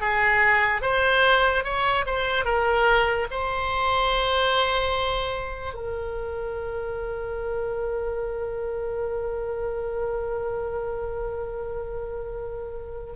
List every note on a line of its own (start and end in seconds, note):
0.00 0.81 G#4
0.81 1.64 C5
1.64 2.05 C#5
2.06 2.45 C5
2.45 3.27 A#4
3.31 5.73 C5
5.73 13.13 A#4